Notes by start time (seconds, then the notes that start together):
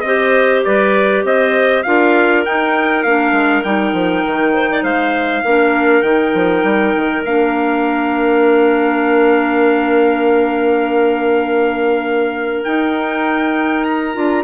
0.00 C4 G4 C5 D#5
0.64 G3 B4 D5
1.24 C4 C5 D#5
1.82 D4 F4 A#4 F5
2.45 D#4 G5
3.02 A#3 D4 F5
3.32 G#3
3.63 G3 D#4 G5
3.92 F3
4.25 D#3
4.53 C5
4.71 D5
4.82 G#3 C5 F5
5.43 A#3 D4 A#4
6.02 D#3 D#4 G5
6.34 F3
6.63 G3
6.96 D#3
7.24 A#3 D4 F5
12.64 D#4 G5
13.84 A#5
14.14 D4 F4